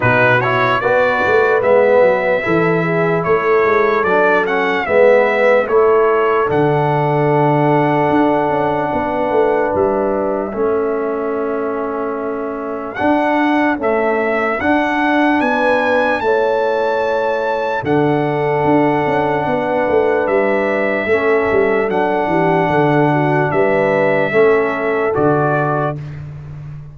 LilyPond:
<<
  \new Staff \with { instrumentName = "trumpet" } { \time 4/4 \tempo 4 = 74 b'8 cis''8 d''4 e''2 | cis''4 d''8 fis''8 e''4 cis''4 | fis''1 | e''1 |
fis''4 e''4 fis''4 gis''4 | a''2 fis''2~ | fis''4 e''2 fis''4~ | fis''4 e''2 d''4 | }
  \new Staff \with { instrumentName = "horn" } { \time 4/4 fis'4 b'2 a'8 gis'8 | a'2 b'4 a'4~ | a'2. b'4~ | b'4 a'2.~ |
a'2. b'4 | cis''2 a'2 | b'2 a'4. g'8 | a'8 fis'8 b'4 a'2 | }
  \new Staff \with { instrumentName = "trombone" } { \time 4/4 dis'8 e'8 fis'4 b4 e'4~ | e'4 d'8 cis'8 b4 e'4 | d'1~ | d'4 cis'2. |
d'4 a4 d'2 | e'2 d'2~ | d'2 cis'4 d'4~ | d'2 cis'4 fis'4 | }
  \new Staff \with { instrumentName = "tuba" } { \time 4/4 b,4 b8 a8 gis8 fis8 e4 | a8 gis8 fis4 gis4 a4 | d2 d'8 cis'8 b8 a8 | g4 a2. |
d'4 cis'4 d'4 b4 | a2 d4 d'8 cis'8 | b8 a8 g4 a8 g8 fis8 e8 | d4 g4 a4 d4 | }
>>